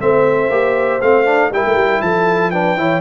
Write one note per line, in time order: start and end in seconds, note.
0.00 0.50 A3
0.00 0.50 C4
0.00 1.53 C5
0.00 1.01 E5
0.50 1.00 A#3
0.50 1.01 G4
1.01 1.51 A3
1.01 1.25 C4
1.01 1.52 F5
1.25 1.51 D4
1.51 1.63 G3
1.51 2.53 E4
1.51 2.03 A#4
1.51 2.02 G5
1.65 1.75 A3
1.75 2.01 G3
2.02 2.77 F3
2.02 2.52 A4
2.02 2.51 A5
2.51 2.77 D4
2.51 2.77 B4
2.51 3.01 G5
2.77 3.01 E3
2.77 3.01 E4
2.77 3.01 C#5